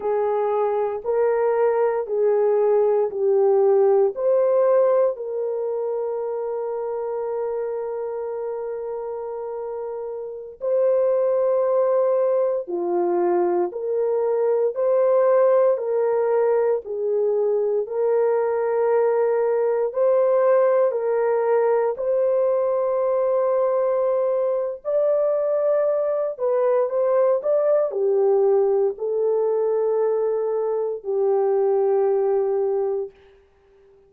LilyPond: \new Staff \with { instrumentName = "horn" } { \time 4/4 \tempo 4 = 58 gis'4 ais'4 gis'4 g'4 | c''4 ais'2.~ | ais'2~ ais'16 c''4.~ c''16~ | c''16 f'4 ais'4 c''4 ais'8.~ |
ais'16 gis'4 ais'2 c''8.~ | c''16 ais'4 c''2~ c''8. | d''4. b'8 c''8 d''8 g'4 | a'2 g'2 | }